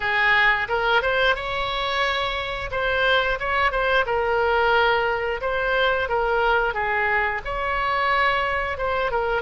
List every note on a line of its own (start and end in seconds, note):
0.00 0.67 G#4
0.68 1.01 A#4
1.01 1.35 C5
1.35 2.70 C#5
2.71 3.38 C5
3.39 3.71 C#5
3.71 4.05 C5
4.06 5.41 A#4
5.41 6.08 C5
6.08 6.74 A#4
6.74 7.41 G#4
7.44 8.77 C#5
8.77 9.11 C5
9.11 9.42 A#4